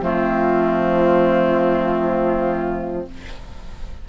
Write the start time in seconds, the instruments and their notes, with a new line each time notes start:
0.00 bassoon F3, clarinet A3, oboe C4, flute F4